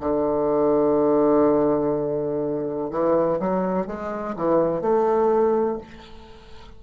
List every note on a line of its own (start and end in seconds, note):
0.00 2.90 D3
2.90 3.39 E3
3.40 3.87 F#3
3.87 4.35 G#3
4.36 4.81 E3
4.81 5.78 A3